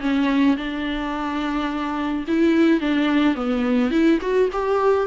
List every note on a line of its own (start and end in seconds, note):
0.00 0.56 C#4
0.57 2.25 D4
2.28 2.80 E4
2.80 3.35 D4
3.35 3.91 B3
3.91 4.19 E4
4.21 4.49 F#4
4.52 5.07 G4